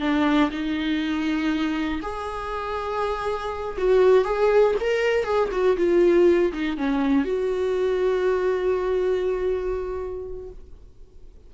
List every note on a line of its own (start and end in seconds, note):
0.00 0.50 D4
0.50 2.00 D#4
2.02 3.77 G#4
3.78 4.25 F#4
4.25 4.75 G#4
4.80 5.24 A#4
5.24 5.49 G#4
5.52 5.77 F#4
5.77 6.52 F4
6.52 6.77 D#4
6.77 7.25 C#4
7.25 10.50 F#4